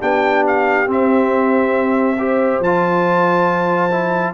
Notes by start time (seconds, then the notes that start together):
0.00 B3 D4 G4 G5
0.46 F5
0.86 C4 E5
2.18 G4 C5
2.60 F3 F4 A5
3.90 E4